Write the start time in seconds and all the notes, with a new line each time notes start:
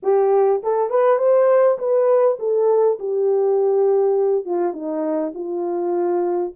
0.02 G4
0.63 A4
0.89 B4
1.18 C5
1.78 B4
2.39 A4
2.99 G4
4.45 F4
4.73 D#4
5.34 F4